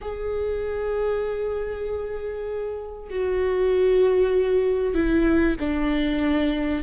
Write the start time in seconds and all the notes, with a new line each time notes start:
0.01 G#4
3.10 F#4
4.94 E4
5.59 D4